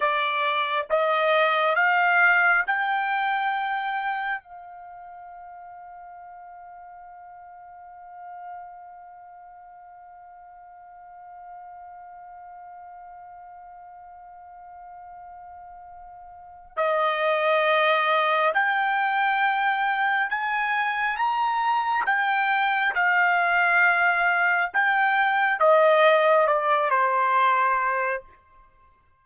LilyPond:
\new Staff \with { instrumentName = "trumpet" } { \time 4/4 \tempo 4 = 68 d''4 dis''4 f''4 g''4~ | g''4 f''2.~ | f''1~ | f''1~ |
f''2. dis''4~ | dis''4 g''2 gis''4 | ais''4 g''4 f''2 | g''4 dis''4 d''8 c''4. | }